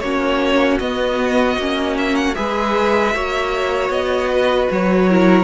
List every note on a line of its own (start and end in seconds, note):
0.00 0.79 A#3
0.00 0.81 C#4
0.00 2.37 F#4
0.00 0.78 C#5
0.79 1.57 B3
0.79 1.59 B3
0.79 1.96 D#5
1.57 2.35 A#3
1.57 2.35 C#4
1.98 2.15 E5
2.15 2.35 F#5
2.35 3.15 G#3
2.35 3.12 G#4
2.35 3.15 B4
2.35 3.90 E5
3.15 3.90 A#3
3.15 5.10 F#4
3.15 4.31 C#5
3.90 4.68 B3
3.90 4.69 D#5
4.32 5.09 B4
4.71 5.44 F#3
4.71 5.44 C#5
5.09 5.44 E4
5.09 5.44 A#4